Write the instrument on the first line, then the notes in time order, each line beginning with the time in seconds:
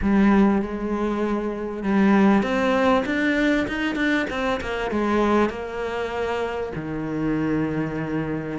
cello
0.01 G3
0.62 G#3
1.83 G3
2.42 C4
3.05 D4
3.67 D#4
3.95 D4
4.29 C4
4.60 A#3
4.90 G#3
5.49 A#3
6.75 D#3